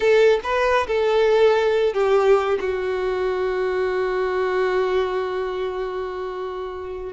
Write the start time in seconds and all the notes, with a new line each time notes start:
0.00 A4
0.43 B4
0.87 A4
1.93 G4
2.60 F#4